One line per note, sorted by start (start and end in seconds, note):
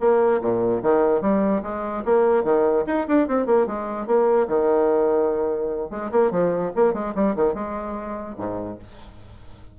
0.00 0.41 A#3
0.42 0.82 A#2
0.83 1.22 D#3
1.22 1.62 G3
1.63 2.04 G#3
2.05 2.44 A#3
2.44 2.85 D#3
2.87 3.07 D#4
3.08 3.28 D4
3.28 3.46 C4
3.46 3.67 A#3
3.67 4.07 G#3
4.07 4.47 A#3
4.48 5.90 D#3
5.90 6.11 G#3
6.12 6.31 A#3
6.31 6.72 F3
6.76 6.93 A#3
6.93 7.14 G#3
7.15 7.36 G3
7.36 7.54 D#3
7.54 8.36 G#3
8.38 8.79 G#2